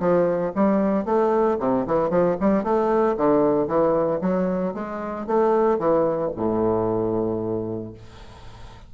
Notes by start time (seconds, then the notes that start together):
0.00 F3
0.56 G3
1.05 A3
1.60 C3
1.87 E3
2.11 F3
2.41 G3
2.64 A3
3.17 D3
3.68 E3
4.22 F#3
4.74 G#3
5.27 A3
5.79 E3
6.36 A2